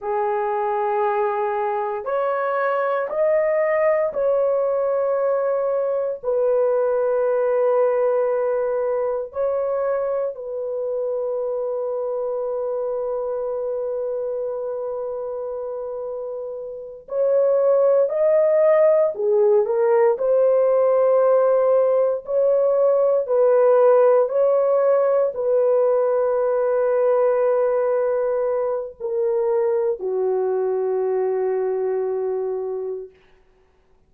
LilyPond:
\new Staff \with { instrumentName = "horn" } { \time 4/4 \tempo 4 = 58 gis'2 cis''4 dis''4 | cis''2 b'2~ | b'4 cis''4 b'2~ | b'1~ |
b'8 cis''4 dis''4 gis'8 ais'8 c''8~ | c''4. cis''4 b'4 cis''8~ | cis''8 b'2.~ b'8 | ais'4 fis'2. | }